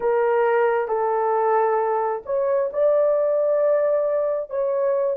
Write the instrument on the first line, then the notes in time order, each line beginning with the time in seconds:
horn
0.00 A#4
0.88 A4
2.26 C#5
2.72 D5
4.49 C#5